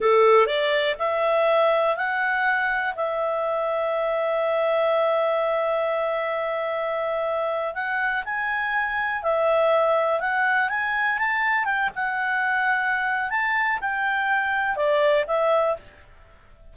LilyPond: \new Staff \with { instrumentName = "clarinet" } { \time 4/4 \tempo 4 = 122 a'4 d''4 e''2 | fis''2 e''2~ | e''1~ | e''2.~ e''8. fis''16~ |
fis''8. gis''2 e''4~ e''16~ | e''8. fis''4 gis''4 a''4 g''16~ | g''16 fis''2~ fis''8. a''4 | g''2 d''4 e''4 | }